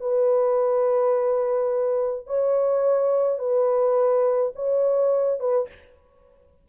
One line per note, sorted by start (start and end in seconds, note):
0.00 2.26 B4
2.27 3.39 C#5
3.39 4.52 B4
4.55 5.40 C#5
5.40 5.68 B4